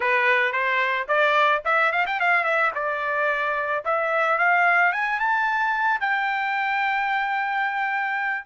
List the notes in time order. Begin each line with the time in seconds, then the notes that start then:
0.00 B4
0.52 C5
1.08 D5
1.64 E5
1.92 F5
2.06 G5
2.20 F5
2.44 E5
2.74 D5
3.85 E5
4.38 F5
4.92 G#5
5.19 A5
6.00 G5